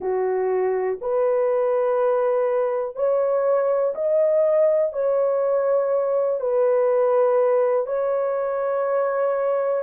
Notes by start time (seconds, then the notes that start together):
0.00 F#4
1.01 B4
2.95 C#5
3.94 D#5
4.92 C#5
6.40 B4
7.86 C#5